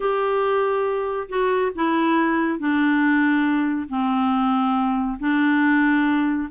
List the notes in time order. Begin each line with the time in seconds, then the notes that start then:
0.00 G4
1.28 F#4
1.75 E4
2.59 D4
3.88 C4
5.19 D4